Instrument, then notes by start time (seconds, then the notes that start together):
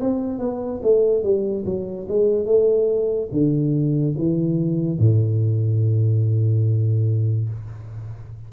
tuba
0.00 C4
0.39 B3
0.83 A3
1.23 G3
1.65 F#3
2.08 G#3
2.45 A3
3.31 D3
4.17 E3
4.98 A2